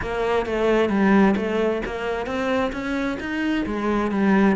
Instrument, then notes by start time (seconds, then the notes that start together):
cello
0.01 A#3
0.45 A3
0.89 G3
1.36 A3
1.85 A#3
2.26 C4
2.72 C#4
3.19 D#4
3.65 G#3
4.11 G3